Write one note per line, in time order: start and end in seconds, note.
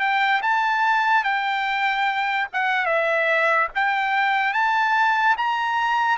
0.00 0.41 G5
0.42 1.24 A5
1.24 2.47 G5
2.53 2.86 F#5
2.86 3.68 E5
3.75 4.54 G5
4.54 5.36 A5
5.38 6.18 A#5